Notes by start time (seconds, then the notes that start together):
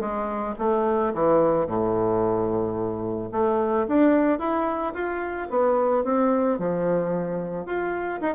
0.00 G#3
0.59 A3
1.14 E3
1.66 A2
3.32 A3
3.88 D4
4.39 E4
4.94 F4
5.50 B3
6.04 C4
6.59 F3
7.66 F4
8.21 D#4